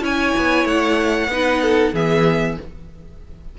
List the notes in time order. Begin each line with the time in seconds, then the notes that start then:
0.00 C#4 E4 C#5 G#5
0.37 B3
0.64 A3 F#5
1.27 B3 D#4 B4
1.62 A4
1.93 E3 B3 G#4 E5